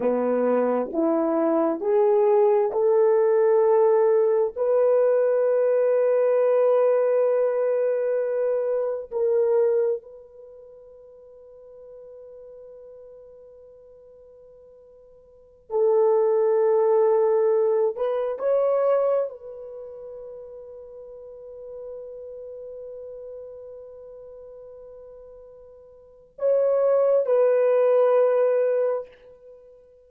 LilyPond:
\new Staff \with { instrumentName = "horn" } { \time 4/4 \tempo 4 = 66 b4 e'4 gis'4 a'4~ | a'4 b'2.~ | b'2 ais'4 b'4~ | b'1~ |
b'4~ b'16 a'2~ a'8 b'16~ | b'16 cis''4 b'2~ b'8.~ | b'1~ | b'4 cis''4 b'2 | }